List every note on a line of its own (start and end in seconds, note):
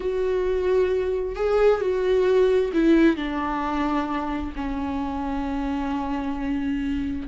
0.00 1.35 F#4
1.35 1.80 G#4
1.80 2.71 F#4
2.73 3.16 E4
3.16 4.52 D4
4.55 7.27 C#4